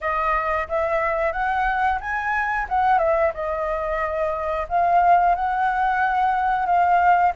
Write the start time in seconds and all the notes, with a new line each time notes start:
0.01 D#5
0.68 E5
1.32 F#5
2.00 G#5
2.68 F#5
2.98 E5
3.33 D#5
4.68 F5
5.35 F#5
6.65 F5